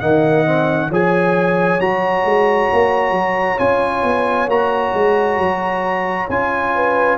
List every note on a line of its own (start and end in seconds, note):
0.00 0.90 D#3
0.00 0.46 A#3
0.00 0.90 D#5
0.00 0.90 F#5
0.46 0.90 C4
0.90 1.80 F3
0.90 1.81 G#4
0.90 6.72 C#5
0.90 1.81 G#5
1.81 2.24 F#3
1.81 3.59 F#4
1.81 3.59 A#5
2.24 2.69 G#3
2.73 3.11 A#3
3.11 3.56 F#3
3.59 4.04 C#4
3.59 4.48 F4
3.59 4.49 G#5
4.04 4.48 B3
4.48 4.93 A#3
4.48 6.29 F#4
4.48 6.29 A#5
4.94 5.38 G#3
5.38 6.28 F#3
6.29 7.18 C#4
6.29 7.18 F4
6.29 7.18 G#5
6.75 7.18 B4